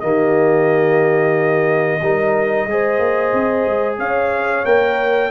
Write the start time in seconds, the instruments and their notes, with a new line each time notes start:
0.00 tuba D#3, trombone A#3, horn G4, trumpet D#5
2.01 tuba G3, trombone D#4, horn A#4
2.66 tuba G#3, trombone G#4, horn C5
2.99 tuba A#3
3.33 tuba C4
3.66 tuba G#3
3.98 tuba C#4, horn C#5, trumpet F5
4.65 tuba A#3, trombone A#4, trumpet G5